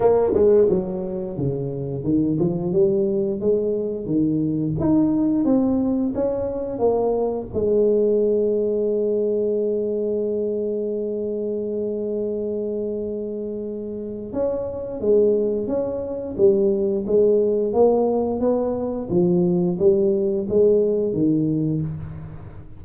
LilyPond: \new Staff \with { instrumentName = "tuba" } { \time 4/4 \tempo 4 = 88 ais8 gis8 fis4 cis4 dis8 f8 | g4 gis4 dis4 dis'4 | c'4 cis'4 ais4 gis4~ | gis1~ |
gis1~ | gis4 cis'4 gis4 cis'4 | g4 gis4 ais4 b4 | f4 g4 gis4 dis4 | }